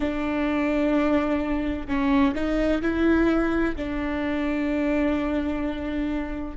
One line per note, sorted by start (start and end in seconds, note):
0.00 1.87 D4
1.87 2.34 C#4
2.34 2.81 D#4
2.82 3.75 E4
3.75 6.56 D4